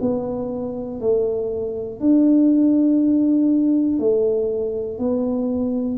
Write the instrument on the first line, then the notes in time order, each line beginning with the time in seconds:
tuba
0.00 B3
1.00 A3
2.00 D4
3.99 A3
4.98 B3